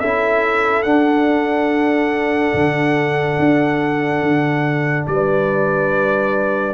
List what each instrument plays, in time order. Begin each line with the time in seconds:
0.00 tuba C#4, trombone E4, horn A4, trumpet E5
0.83 tuba D4, trombone D4, trumpet F#5
2.54 tuba D3
3.39 tuba D4
4.22 tuba D3
5.07 tuba G3, horn B4, trumpet D5